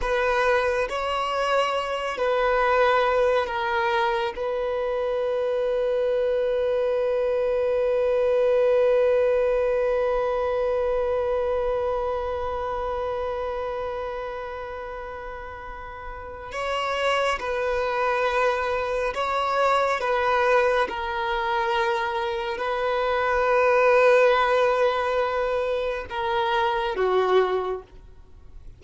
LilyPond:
\new Staff \with { instrumentName = "violin" } { \time 4/4 \tempo 4 = 69 b'4 cis''4. b'4. | ais'4 b'2.~ | b'1~ | b'1~ |
b'2. cis''4 | b'2 cis''4 b'4 | ais'2 b'2~ | b'2 ais'4 fis'4 | }